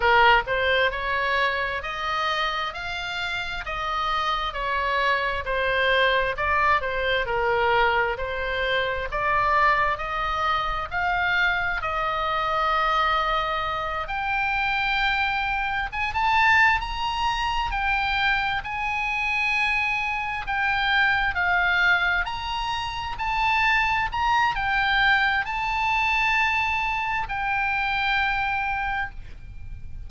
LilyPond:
\new Staff \with { instrumentName = "oboe" } { \time 4/4 \tempo 4 = 66 ais'8 c''8 cis''4 dis''4 f''4 | dis''4 cis''4 c''4 d''8 c''8 | ais'4 c''4 d''4 dis''4 | f''4 dis''2~ dis''8 g''8~ |
g''4. gis''16 a''8. ais''4 g''8~ | g''8 gis''2 g''4 f''8~ | f''8 ais''4 a''4 ais''8 g''4 | a''2 g''2 | }